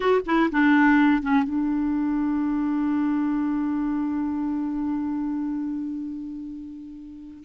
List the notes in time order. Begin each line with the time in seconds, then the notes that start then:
0.00 F#4
0.25 E4
0.51 D4
1.22 C#4
1.43 D4